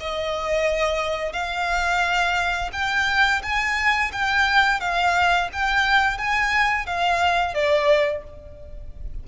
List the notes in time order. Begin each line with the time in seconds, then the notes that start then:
0.00 D#5
1.32 F5
2.72 G5
3.42 G#5
4.12 G5
4.80 F5
5.52 G5
6.18 G#5
6.86 F5
7.54 D5